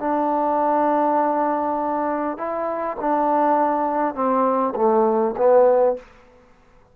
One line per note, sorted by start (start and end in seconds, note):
0.00 2.38 D4
2.38 2.97 E4
3.01 4.15 D4
4.15 4.74 C4
4.76 5.35 A3
5.37 5.96 B3